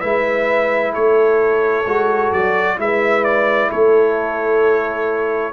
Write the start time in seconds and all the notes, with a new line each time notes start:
0.00 G#3 E4 B4 E5
0.93 A3 A4 C#5
1.86 G#3 F#4
2.32 F#3 D5
2.77 G#3 E4 B4 E5
3.24 D5
3.70 A3 A4 C#5